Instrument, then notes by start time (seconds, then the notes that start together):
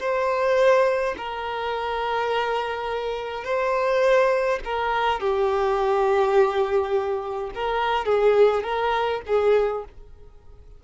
violin
0.00 C5
1.18 A#4
3.44 C5
4.65 A#4
5.20 G4
7.55 A#4
8.06 G#4
8.64 A#4
9.27 G#4